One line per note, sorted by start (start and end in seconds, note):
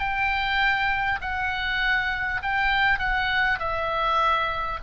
0.00 1.20 G5
1.21 2.41 F#5
2.43 2.99 G5
2.99 3.59 F#5
3.59 4.79 E5